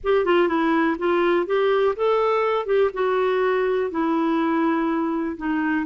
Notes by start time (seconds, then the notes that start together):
0.03 G4
0.25 F4
0.48 E4
0.98 F4
1.46 G4
1.96 A4
2.66 G4
2.93 F#4
3.90 E4
5.37 D#4